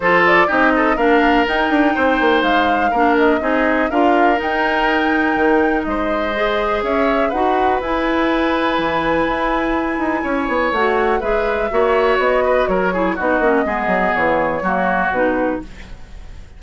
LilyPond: <<
  \new Staff \with { instrumentName = "flute" } { \time 4/4 \tempo 4 = 123 c''8 d''8 dis''4 f''4 g''4~ | g''4 f''4. dis''4. | f''4 g''2. | dis''2 e''4 fis''4 |
gis''1~ | gis''2 fis''4 e''4~ | e''4 dis''4 cis''4 dis''4~ | dis''4 cis''2 b'4 | }
  \new Staff \with { instrumentName = "oboe" } { \time 4/4 a'4 g'8 a'8 ais'2 | c''2 ais'4 gis'4 | ais'1 | c''2 cis''4 b'4~ |
b'1~ | b'4 cis''2 b'4 | cis''4. b'8 ais'8 gis'8 fis'4 | gis'2 fis'2 | }
  \new Staff \with { instrumentName = "clarinet" } { \time 4/4 f'4 dis'4 d'4 dis'4~ | dis'2 d'4 dis'4 | f'4 dis'2.~ | dis'4 gis'2 fis'4 |
e'1~ | e'2 fis'4 gis'4 | fis'2~ fis'8 e'8 dis'8 cis'8 | b2 ais4 dis'4 | }
  \new Staff \with { instrumentName = "bassoon" } { \time 4/4 f4 c'4 ais4 dis'8 d'8 | c'8 ais8 gis4 ais4 c'4 | d'4 dis'2 dis4 | gis2 cis'4 dis'4 |
e'2 e4 e'4~ | e'8 dis'8 cis'8 b8 a4 gis4 | ais4 b4 fis4 b8 ais8 | gis8 fis8 e4 fis4 b,4 | }
>>